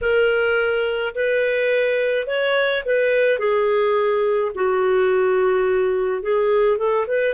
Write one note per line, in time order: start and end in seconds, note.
0.01 1.14 A#4
1.14 2.26 B4
2.26 2.83 C#5
2.85 3.38 B4
3.38 4.51 G#4
4.54 6.22 F#4
6.22 6.77 G#4
6.77 7.05 A4
7.07 7.34 B4